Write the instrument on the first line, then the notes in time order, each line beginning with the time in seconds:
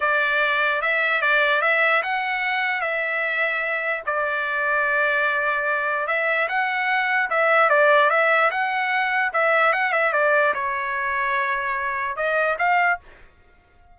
trumpet
0.00 D5
0.81 E5
1.21 D5
1.61 E5
2.03 F#5
2.81 E5
4.05 D5
6.07 E5
6.48 F#5
7.30 E5
7.69 D5
8.10 E5
8.50 F#5
9.33 E5
9.73 F#5
9.92 E5
10.12 D5
10.54 C#5
12.16 D#5
12.58 F5